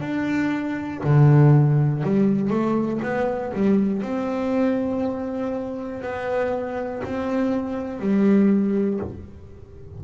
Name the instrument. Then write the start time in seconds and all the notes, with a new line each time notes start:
double bass
0.00 D4
1.04 D3
2.03 G3
2.50 A3
3.02 B3
3.53 G3
4.02 C4
6.02 B3
7.04 C4
8.00 G3